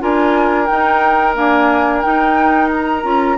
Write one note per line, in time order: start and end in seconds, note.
0.00 0.70 D4
0.00 0.67 F4
0.00 3.38 A#4
0.00 0.66 G#5
0.66 1.35 D#4
0.66 1.37 D#4
0.66 1.34 G5
1.35 2.02 A#3
1.35 2.05 D4
1.35 2.02 G#5
2.02 3.03 D#4
2.02 3.04 D#4
2.02 2.69 G5
2.73 3.38 A#5
3.03 3.38 C#4
3.03 3.37 F4